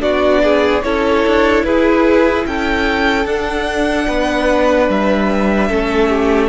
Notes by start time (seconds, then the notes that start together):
0.00 B3 D4 F#4 D5
0.43 G#4
0.83 C#4 E4 A4 C#5
1.27 D4
1.64 E4 G#4 B4
2.47 C#4 A4 G5
3.26 D4 F#5
4.07 B3 B4
4.89 G3 E5
5.68 A3 C#4 A4
6.09 G4